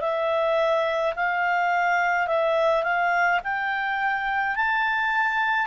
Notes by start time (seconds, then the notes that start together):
0.00 E5
1.15 F5
2.27 E5
2.83 F5
3.43 G5
4.55 A5